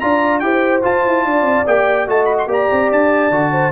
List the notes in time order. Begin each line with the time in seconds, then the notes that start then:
0.00 D4 F4 D5 A#5
0.39 E4 G4 C5 G5
0.83 F4 A5
1.05 E4
1.25 D4 D5
1.41 C4
1.67 A#3 G4 G5
2.07 A3 F#4 D#5 A5
2.25 B5
2.38 C6
2.46 A#3 G4 D5
2.53 A#5
2.71 C4
2.91 D4 A5
3.31 D3 F#4
3.52 C5